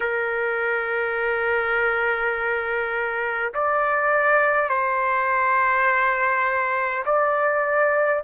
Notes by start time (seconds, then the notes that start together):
0.00 A#4
3.53 D5
4.68 C5
7.05 D5